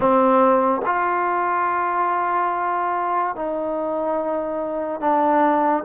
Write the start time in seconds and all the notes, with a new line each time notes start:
0.00 C4
0.85 F4
3.35 D#4
5.00 D4